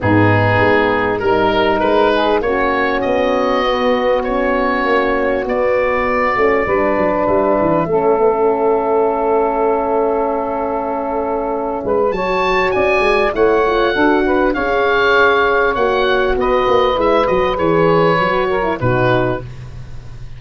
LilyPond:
<<
  \new Staff \with { instrumentName = "oboe" } { \time 4/4 \tempo 4 = 99 gis'2 ais'4 b'4 | cis''4 dis''2 cis''4~ | cis''4 d''2. | e''1~ |
e''1 | a''4 gis''4 fis''2 | f''2 fis''4 dis''4 | e''8 dis''8 cis''2 b'4 | }
  \new Staff \with { instrumentName = "saxophone" } { \time 4/4 dis'2 ais'4. gis'8 | fis'1~ | fis'2. b'4~ | b'4 a'2.~ |
a'2.~ a'8 b'8 | cis''4 d''4 cis''4 a'8 b'8 | cis''2. b'4~ | b'2~ b'8 ais'8 fis'4 | }
  \new Staff \with { instrumentName = "horn" } { \time 4/4 b2 dis'2 | cis'2 b4 cis'4~ | cis'4 b4. cis'8 d'4~ | d'4 cis'8 b16 cis'2~ cis'16~ |
cis'1 | fis'2 e'8 f'8 fis'4 | gis'2 fis'2 | e'8 fis'8 gis'4 fis'8. e'16 dis'4 | }
  \new Staff \with { instrumentName = "tuba" } { \time 4/4 gis,4 gis4 g4 gis4 | ais4 b2. | ais4 b4. a8 g8 fis8 | g8 e8 a2.~ |
a2.~ a8 gis8 | fis4 cis'8 gis8 a4 d'4 | cis'2 ais4 b8 ais8 | gis8 fis8 e4 fis4 b,4 | }
>>